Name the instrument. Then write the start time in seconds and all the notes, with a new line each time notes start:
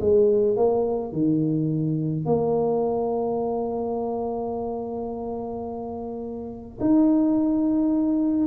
tuba
0.00 G#3
0.56 A#3
1.12 D#3
2.25 A#3
6.80 D#4